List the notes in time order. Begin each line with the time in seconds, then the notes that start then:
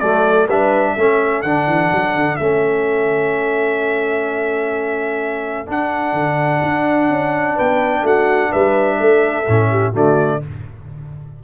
0.00 F#3 A3 A4 D5
0.48 G3 D4 B4 E5
0.93 A3 C#4 A4
1.42 D3 D4 F#5
1.67 E3
1.92 F#3
2.15 D3
2.37 A3 C#4 E5
5.67 D4 F#5
6.13 D3
6.62 D4
7.10 C#4
7.56 B3 B4 G5
8.03 A3 F#4 F#5
8.51 G3 B4 E5
9.00 A3 A4
9.48 A2 C#4
9.70 G4
9.93 D3 A3 F#4 D5